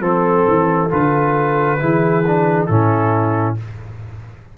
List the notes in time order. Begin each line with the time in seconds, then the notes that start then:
0.00 F3 C4 A4
0.47 E3
0.89 D3 F4 B4
1.78 E3 E4 G#4
2.26 D4
2.66 A2 C#4 E4 A4